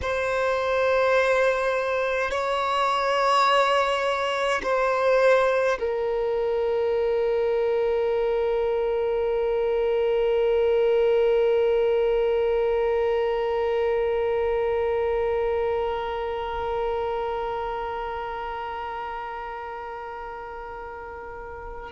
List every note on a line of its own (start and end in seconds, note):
0.01 2.31 C5
2.31 4.62 C#5
4.63 5.78 C5
5.79 21.92 A#4